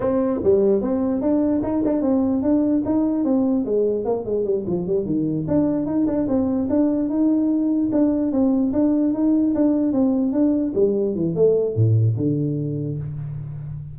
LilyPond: \new Staff \with { instrumentName = "tuba" } { \time 4/4 \tempo 4 = 148 c'4 g4 c'4 d'4 | dis'8 d'8 c'4 d'4 dis'4 | c'4 gis4 ais8 gis8 g8 f8 | g8 dis4 d'4 dis'8 d'8 c'8~ |
c'8 d'4 dis'2 d'8~ | d'8 c'4 d'4 dis'4 d'8~ | d'8 c'4 d'4 g4 e8 | a4 a,4 d2 | }